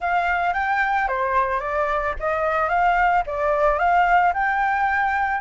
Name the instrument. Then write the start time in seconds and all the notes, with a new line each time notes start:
flute
0.00 F5
0.53 G5
1.08 C5
1.60 D5
2.19 D#5
2.69 F5
3.26 D5
3.78 F5
4.33 G5